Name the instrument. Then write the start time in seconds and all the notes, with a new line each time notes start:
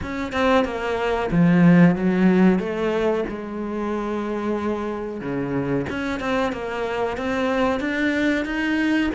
cello
0.02 C#4
0.32 C4
0.65 A#3
1.31 F3
1.95 F#3
2.59 A3
3.28 G#3
5.21 C#3
5.89 C#4
6.20 C4
6.52 A#3
7.17 C4
7.80 D4
8.45 D#4